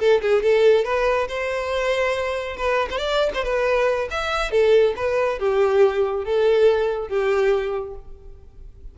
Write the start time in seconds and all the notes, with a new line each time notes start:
0.00 A4
0.22 G#4
0.43 A4
0.85 B4
1.29 C5
2.57 B4
2.91 C5
2.98 D5
3.35 C5
3.44 B4
4.11 E5
4.52 A4
4.97 B4
5.40 G4
6.25 A4
7.09 G4